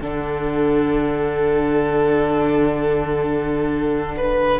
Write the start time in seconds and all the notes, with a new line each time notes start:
0.00 D3 D4 A4 F#5
4.16 B4